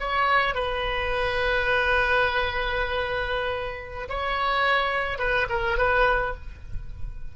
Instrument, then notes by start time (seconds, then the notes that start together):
oboe
0.00 C#5
0.55 B4
4.09 C#5
5.19 B4
5.50 A#4
5.78 B4